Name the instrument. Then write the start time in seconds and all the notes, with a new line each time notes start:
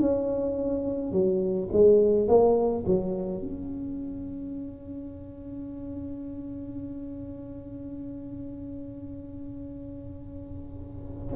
tuba
0.00 C#4
1.12 F#3
1.73 G#3
2.28 A#3
2.86 F#3
3.42 C#4